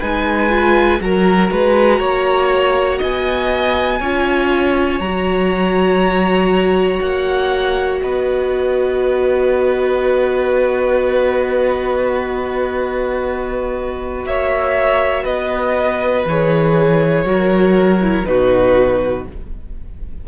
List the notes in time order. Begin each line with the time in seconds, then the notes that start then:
0.00 G#3 D#4 B4 G#5
0.50 F4
1.01 F#3 F#4 A#4 A#5
1.52 G#3 B4
2.00 A#3 C#5
2.99 B3 D#5 G#5
4.00 C#4 F4 C#5
5.00 F#3 F#4 A#5
7.01 A#3 F#5
8.01 B3 B4 D#5
14.25 A#3 C#5 E5
15.24 B3 B4 D#5
16.26 E3 G#4 C#5
17.25 F#3 F#4 A#4
18.01 E4
18.26 B2 D#4 F#4 B4